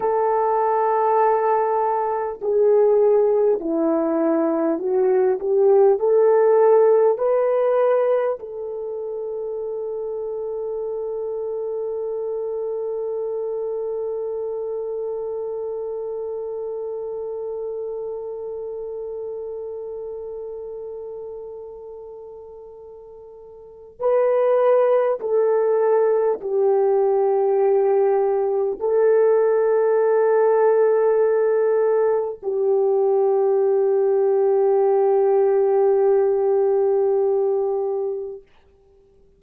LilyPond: \new Staff \with { instrumentName = "horn" } { \time 4/4 \tempo 4 = 50 a'2 gis'4 e'4 | fis'8 g'8 a'4 b'4 a'4~ | a'1~ | a'1~ |
a'1 | b'4 a'4 g'2 | a'2. g'4~ | g'1 | }